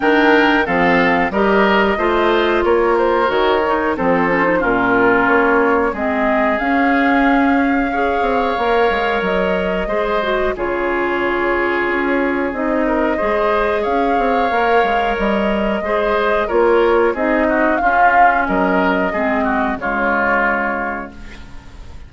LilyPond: <<
  \new Staff \with { instrumentName = "flute" } { \time 4/4 \tempo 4 = 91 g''4 f''4 dis''2 | cis''8 c''8 cis''4 c''4 ais'4 | cis''4 dis''4 f''2~ | f''2 dis''2 |
cis''2. dis''4~ | dis''4 f''2 dis''4~ | dis''4 cis''4 dis''4 f''4 | dis''2 cis''2 | }
  \new Staff \with { instrumentName = "oboe" } { \time 4/4 ais'4 a'4 ais'4 c''4 | ais'2 a'4 f'4~ | f'4 gis'2. | cis''2. c''4 |
gis'2.~ gis'8 ais'8 | c''4 cis''2. | c''4 ais'4 gis'8 fis'8 f'4 | ais'4 gis'8 fis'8 f'2 | }
  \new Staff \with { instrumentName = "clarinet" } { \time 4/4 d'4 c'4 g'4 f'4~ | f'4 fis'8 dis'8 c'8 cis'16 dis'16 cis'4~ | cis'4 c'4 cis'2 | gis'4 ais'2 gis'8 fis'8 |
f'2. dis'4 | gis'2 ais'2 | gis'4 f'4 dis'4 cis'4~ | cis'4 c'4 gis2 | }
  \new Staff \with { instrumentName = "bassoon" } { \time 4/4 dis4 f4 g4 a4 | ais4 dis4 f4 ais,4 | ais4 gis4 cis'2~ | cis'8 c'8 ais8 gis8 fis4 gis4 |
cis2 cis'4 c'4 | gis4 cis'8 c'8 ais8 gis8 g4 | gis4 ais4 c'4 cis'4 | fis4 gis4 cis2 | }
>>